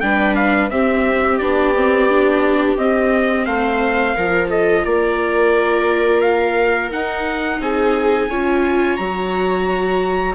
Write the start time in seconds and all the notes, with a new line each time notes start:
0.00 G3 D4 B4 G5
0.35 F5
0.70 C4 G4 E5
1.38 B3 D4 D5
1.75 C4
2.09 D4
2.77 C4 D#5
3.45 A3 C5 F5
4.15 F3 F4 A#4
4.48 A4 D#5
4.84 A#3 A#4 D5
6.21 F5
6.91 D#4 F#5
7.60 C4 G#4 G#5
8.29 C#4 F4 C#5
8.96 F#3 F#4 A#5